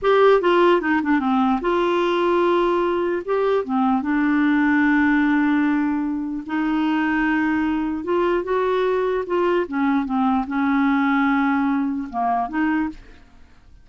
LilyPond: \new Staff \with { instrumentName = "clarinet" } { \time 4/4 \tempo 4 = 149 g'4 f'4 dis'8 d'8 c'4 | f'1 | g'4 c'4 d'2~ | d'1 |
dis'1 | f'4 fis'2 f'4 | cis'4 c'4 cis'2~ | cis'2 ais4 dis'4 | }